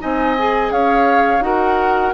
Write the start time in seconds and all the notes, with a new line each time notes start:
0.00 C4 D#4 D#5 G#5
0.38 G#4
0.71 C#4 C#5 F5
1.40 D#4 F#4 A#4 F#5